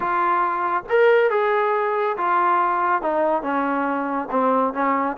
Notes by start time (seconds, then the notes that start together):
0.00 F4
0.89 A#4
1.30 G#4
2.17 F4
3.02 D#4
3.42 C#4
4.30 C4
4.73 C#4